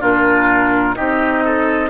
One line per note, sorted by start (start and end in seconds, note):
0.00 0.97 A#2
0.00 0.95 D4
0.00 0.95 F4
0.00 0.95 A#4
0.95 1.89 C4
0.95 1.89 D#4
0.95 1.44 G4
0.95 1.89 D#5
1.45 1.89 A4